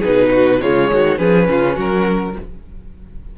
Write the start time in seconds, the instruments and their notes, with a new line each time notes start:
0.00 cello B2, viola D#4, violin G#4 B4
0.31 violin F#4
0.61 cello C#3, viola G#3, violin F4 C#5
0.92 cello D#3, violin F#4
1.18 cello F3, viola C#4, violin G#4 B4
1.49 cello C#3, violin F4
1.76 cello F#3, violin F#4 A#4